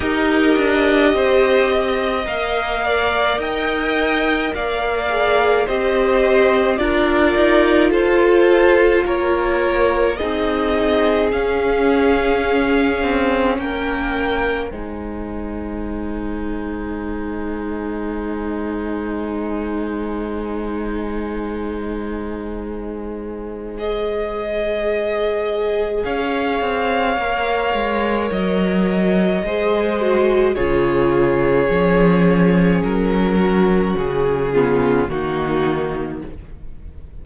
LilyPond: <<
  \new Staff \with { instrumentName = "violin" } { \time 4/4 \tempo 4 = 53 dis''2 f''4 g''4 | f''4 dis''4 d''4 c''4 | cis''4 dis''4 f''2 | g''4 gis''2.~ |
gis''1~ | gis''4 dis''2 f''4~ | f''4 dis''2 cis''4~ | cis''4 ais'4 gis'4 fis'4 | }
  \new Staff \with { instrumentName = "violin" } { \time 4/4 ais'4 c''8 dis''4 d''8 dis''4 | d''4 c''4 ais'4 a'4 | ais'4 gis'2. | ais'4 c''2.~ |
c''1~ | c''2. cis''4~ | cis''2 c''4 gis'4~ | gis'4. fis'4 f'8 dis'4 | }
  \new Staff \with { instrumentName = "viola" } { \time 4/4 g'2 ais'2~ | ais'8 gis'8 g'4 f'2~ | f'4 dis'4 cis'2~ | cis'4 dis'2.~ |
dis'1~ | dis'4 gis'2. | ais'2 gis'8 fis'8 f'4 | cis'2~ cis'8 b8 ais4 | }
  \new Staff \with { instrumentName = "cello" } { \time 4/4 dis'8 d'8 c'4 ais4 dis'4 | ais4 c'4 d'8 dis'8 f'4 | ais4 c'4 cis'4. c'8 | ais4 gis2.~ |
gis1~ | gis2. cis'8 c'8 | ais8 gis8 fis4 gis4 cis4 | f4 fis4 cis4 dis4 | }
>>